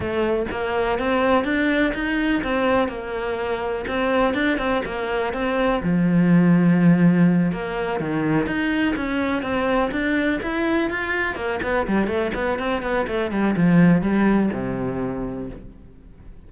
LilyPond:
\new Staff \with { instrumentName = "cello" } { \time 4/4 \tempo 4 = 124 a4 ais4 c'4 d'4 | dis'4 c'4 ais2 | c'4 d'8 c'8 ais4 c'4 | f2.~ f8 ais8~ |
ais8 dis4 dis'4 cis'4 c'8~ | c'8 d'4 e'4 f'4 ais8 | b8 g8 a8 b8 c'8 b8 a8 g8 | f4 g4 c2 | }